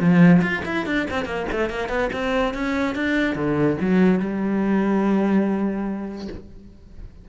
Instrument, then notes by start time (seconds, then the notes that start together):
cello
0.00 F3
0.42 F4
0.65 E4
0.86 D4
1.10 C4
1.25 A#3
1.52 A3
1.70 A#3
1.89 B3
2.13 C4
2.54 C#4
2.95 D4
3.35 D3
3.81 F#3
4.20 G3